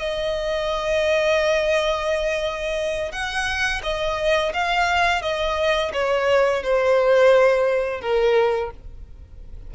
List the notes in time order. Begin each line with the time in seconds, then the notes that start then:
0.00 D#5
3.12 F#5
3.83 D#5
4.54 F5
5.22 D#5
5.94 C#5
6.63 C5
8.01 A#4